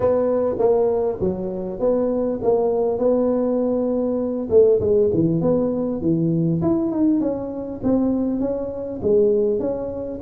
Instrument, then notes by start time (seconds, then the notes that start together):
tuba
0.00 B3
0.58 A#3
1.20 F#3
1.79 B3
2.42 A#3
2.98 B3
4.50 A3
4.80 G#3
5.13 E3
5.41 B3
6.01 E3
6.61 E4
6.91 D#4
7.20 C#4
7.83 C4
8.39 C#4
9.02 G#3
9.59 C#4